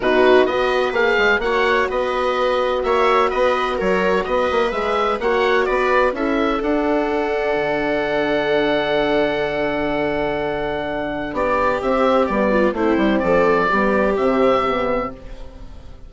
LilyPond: <<
  \new Staff \with { instrumentName = "oboe" } { \time 4/4 \tempo 4 = 127 b'4 dis''4 f''4 fis''4 | dis''2 e''4 dis''4 | cis''4 dis''4 e''4 fis''4 | d''4 e''4 fis''2~ |
fis''1~ | fis''1 | d''4 e''4 d''4 c''4 | d''2 e''2 | }
  \new Staff \with { instrumentName = "viola" } { \time 4/4 fis'4 b'2 cis''4 | b'2 cis''4 b'4 | ais'4 b'2 cis''4 | b'4 a'2.~ |
a'1~ | a'1 | g'2~ g'8 f'8 e'4 | a'4 g'2. | }
  \new Staff \with { instrumentName = "horn" } { \time 4/4 dis'4 fis'4 gis'4 fis'4~ | fis'1~ | fis'2 gis'4 fis'4~ | fis'4 e'4 d'2~ |
d'1~ | d'1~ | d'4 c'4 b4 c'4~ | c'4 b4 c'4 b4 | }
  \new Staff \with { instrumentName = "bassoon" } { \time 4/4 b,4 b4 ais8 gis8 ais4 | b2 ais4 b4 | fis4 b8 ais8 gis4 ais4 | b4 cis'4 d'2 |
d1~ | d1 | b4 c'4 g4 a8 g8 | f4 g4 c2 | }
>>